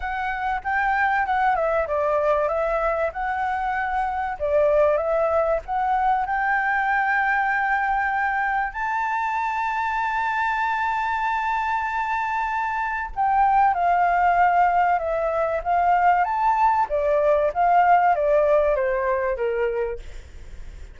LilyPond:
\new Staff \with { instrumentName = "flute" } { \time 4/4 \tempo 4 = 96 fis''4 g''4 fis''8 e''8 d''4 | e''4 fis''2 d''4 | e''4 fis''4 g''2~ | g''2 a''2~ |
a''1~ | a''4 g''4 f''2 | e''4 f''4 a''4 d''4 | f''4 d''4 c''4 ais'4 | }